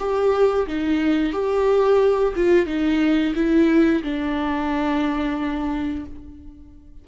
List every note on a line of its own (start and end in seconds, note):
0.00 0.67 G4
0.67 1.33 D#4
1.33 2.34 G4
2.36 2.67 F4
2.67 3.34 D#4
3.36 4.03 E4
4.03 6.06 D4